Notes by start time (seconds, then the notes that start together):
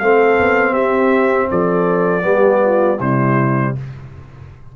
0.00 A3 C4 A4 F5
0.40 B3
0.73 C4 G4 E5
1.50 F3 A4 D5
2.22 G3 B3 G4
2.64 F4
2.99 C3 G3 E4 C5